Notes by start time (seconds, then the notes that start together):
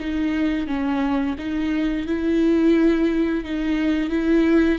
0.00 D#4
0.67 C#4
1.39 D#4
2.07 E4
3.45 D#4
4.10 E4